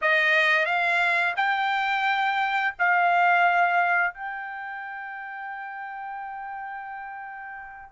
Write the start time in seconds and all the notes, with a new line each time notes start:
0.01 D#5
0.65 F5
1.36 G5
2.78 F5
4.13 G5